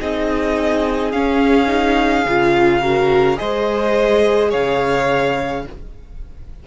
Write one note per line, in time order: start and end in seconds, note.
0.00 1.14 C4
0.00 1.13 D#4
0.00 2.82 G#4
0.00 1.12 D#5
1.12 1.67 C#4
1.12 2.26 C#4
1.12 3.38 F5
1.67 2.24 D#4
2.26 3.39 C#3
2.26 2.83 F4
2.82 3.37 F#4
2.82 3.38 A#4
3.37 4.54 G#3
3.37 5.63 G#4
3.37 4.51 C5
3.37 4.52 D#5
4.51 5.67 C#3
4.51 5.64 C#5
4.51 5.66 F5